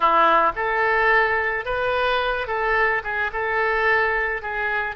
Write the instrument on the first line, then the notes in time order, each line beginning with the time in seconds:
oboe
0.00 E4
0.55 A4
1.65 B4
2.47 A4
3.03 G#4
3.32 A4
4.42 G#4